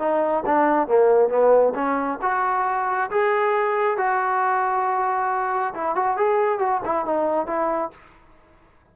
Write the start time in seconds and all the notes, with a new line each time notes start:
0.00 D#4
0.46 D4
0.88 A#3
1.30 B3
1.75 C#4
2.22 F#4
3.11 G#4
3.98 F#4
5.75 E4
5.96 F#4
6.17 G#4
6.59 F#4
6.85 E4
7.05 D#4
7.47 E4